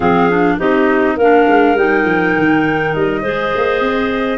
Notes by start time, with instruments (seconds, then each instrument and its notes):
0.00 tuba F3, clarinet C4 G#4, flute F5
0.30 clarinet D4
0.58 tuba C4, clarinet D#4 G4, flute D#5
1.16 tuba A#3, clarinet D4 A#4, flute F5
1.48 tuba G#3
1.74 tuba G3, clarinet D#4, flute G5
2.05 tuba F3
2.38 tuba D#3
2.94 tuba G3, flute D#5
3.22 tuba G#3, clarinet G#4 C5
3.55 tuba A#3
3.80 tuba C4